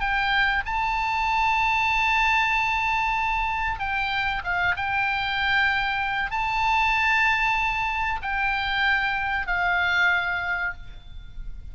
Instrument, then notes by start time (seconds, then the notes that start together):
oboe
0.00 G5
0.65 A5
3.79 G5
4.44 F5
4.76 G5
6.31 A5
8.22 G5
9.47 F5